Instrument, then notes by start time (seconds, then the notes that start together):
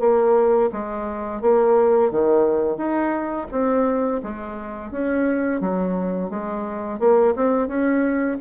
bassoon
0.00 A#3
0.72 G#3
1.41 A#3
2.11 D#3
2.77 D#4
3.51 C4
4.23 G#3
4.91 C#4
5.61 F#3
6.30 G#3
6.99 A#3
7.36 C4
7.68 C#4